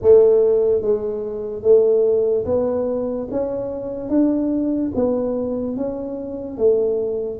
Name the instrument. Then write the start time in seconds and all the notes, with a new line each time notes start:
tuba
0.01 A3
0.81 G#3
1.62 A3
2.45 B3
3.30 C#4
4.09 D4
4.94 B3
5.76 C#4
6.57 A3